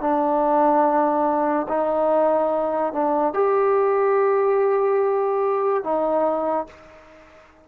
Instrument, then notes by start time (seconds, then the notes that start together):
trombone
0.00 D4
1.68 D#4
2.92 D4
3.33 G4
5.83 D#4